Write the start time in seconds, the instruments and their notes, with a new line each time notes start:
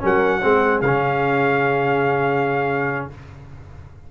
0.00 tuba F#3, trombone C#4, horn A#4, trumpet F#5
0.42 tuba G#3, trombone C4, horn G#4
0.82 tuba C#3, trombone C#4, trumpet F5